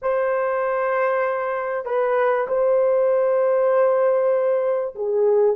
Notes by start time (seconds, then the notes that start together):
0.01 C5
1.85 B4
2.47 C5
4.95 G#4